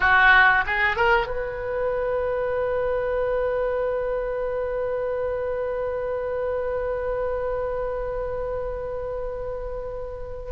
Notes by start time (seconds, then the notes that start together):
0.00 F#4
0.66 G#4
0.96 A#4
1.26 B4